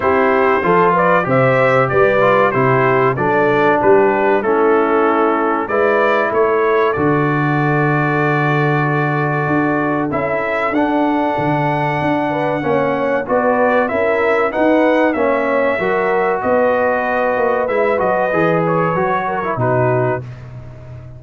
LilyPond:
<<
  \new Staff \with { instrumentName = "trumpet" } { \time 4/4 \tempo 4 = 95 c''4. d''8 e''4 d''4 | c''4 d''4 b'4 a'4~ | a'4 d''4 cis''4 d''4~ | d''1 |
e''4 fis''2.~ | fis''4 d''4 e''4 fis''4 | e''2 dis''2 | e''8 dis''4 cis''4. b'4 | }
  \new Staff \with { instrumentName = "horn" } { \time 4/4 g'4 a'8 b'8 c''4 b'4 | g'4 a'4 g'4 e'4~ | e'4 b'4 a'2~ | a'1~ |
a'2.~ a'8 b'8 | cis''4 b'4 ais'4 b'4 | cis''4 ais'4 b'2~ | b'2~ b'8 ais'8 fis'4 | }
  \new Staff \with { instrumentName = "trombone" } { \time 4/4 e'4 f'4 g'4. f'8 | e'4 d'2 cis'4~ | cis'4 e'2 fis'4~ | fis'1 |
e'4 d'2. | cis'4 fis'4 e'4 dis'4 | cis'4 fis'2. | e'8 fis'8 gis'4 fis'8. e'16 dis'4 | }
  \new Staff \with { instrumentName = "tuba" } { \time 4/4 c'4 f4 c4 g4 | c4 fis4 g4 a4~ | a4 gis4 a4 d4~ | d2. d'4 |
cis'4 d'4 d4 d'4 | ais4 b4 cis'4 dis'4 | ais4 fis4 b4. ais8 | gis8 fis8 e4 fis4 b,4 | }
>>